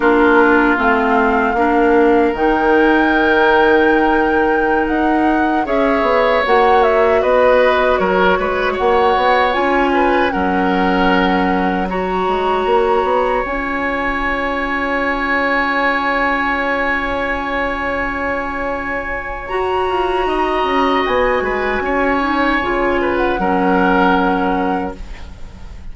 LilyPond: <<
  \new Staff \with { instrumentName = "flute" } { \time 4/4 \tempo 4 = 77 ais'4 f''2 g''4~ | g''2~ g''16 fis''4 e''8.~ | e''16 fis''8 e''8 dis''4 cis''4 fis''8.~ | fis''16 gis''4 fis''2 ais''8.~ |
ais''4~ ais''16 gis''2~ gis''8.~ | gis''1~ | gis''4 ais''2 gis''4~ | gis''4.~ gis''16 fis''2~ fis''16 | }
  \new Staff \with { instrumentName = "oboe" } { \time 4/4 f'2 ais'2~ | ais'2.~ ais'16 cis''8.~ | cis''4~ cis''16 b'4 ais'8 b'8 cis''8.~ | cis''8. b'8 ais'2 cis''8.~ |
cis''1~ | cis''1~ | cis''2 dis''4. b'8 | cis''4. b'8 ais'2 | }
  \new Staff \with { instrumentName = "clarinet" } { \time 4/4 d'4 c'4 d'4 dis'4~ | dis'2.~ dis'16 gis'8.~ | gis'16 fis'2.~ fis'8.~ | fis'16 f'4 cis'2 fis'8.~ |
fis'4~ fis'16 f'2~ f'8.~ | f'1~ | f'4 fis'2.~ | fis'8 dis'8 f'4 cis'2 | }
  \new Staff \with { instrumentName = "bassoon" } { \time 4/4 ais4 a4 ais4 dis4~ | dis2~ dis16 dis'4 cis'8 b16~ | b16 ais4 b4 fis8 gis8 ais8 b16~ | b16 cis'4 fis2~ fis8 gis16~ |
gis16 ais8 b8 cis'2~ cis'8.~ | cis'1~ | cis'4 fis'8 f'8 dis'8 cis'8 b8 gis8 | cis'4 cis4 fis2 | }
>>